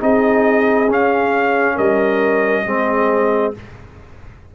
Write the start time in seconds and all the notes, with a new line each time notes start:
0.00 C4 D#4 G#4 D#5
0.89 C#4 F5
1.76 G3 A#4 D#5
2.65 G#3 C4 G#4